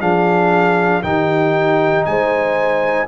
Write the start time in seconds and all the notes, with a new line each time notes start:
0.00 F3 D4 G#4 F5
1.03 D#3 D#4 G4 G5
2.06 G#3 C5 G#5